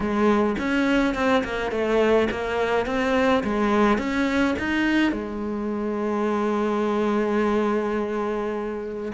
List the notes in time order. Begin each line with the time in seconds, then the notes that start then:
0.00 G#3
0.58 C#4
1.14 C4
1.44 A#3
1.71 A3
2.31 A#3
2.85 C4
3.43 G#3
3.98 C#4
4.58 D#4
5.11 G#3